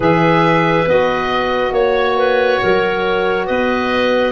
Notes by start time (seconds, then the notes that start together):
0.00 E3 G#4 B4 E5
0.87 B3 F#4 D#5
1.71 A#3 C#5
2.17 B4
2.61 F#3 A#4
3.46 B3 B4 D#5